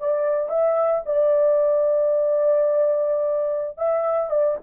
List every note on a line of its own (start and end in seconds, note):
0.00 0.49 D5
0.49 1.04 E5
1.06 3.78 D5
3.78 4.30 E5
4.30 4.57 D5